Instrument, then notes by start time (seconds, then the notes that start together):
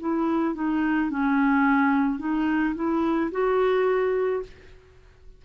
clarinet
0.00 E4
0.55 D#4
1.11 C#4
2.19 D#4
2.76 E4
3.32 F#4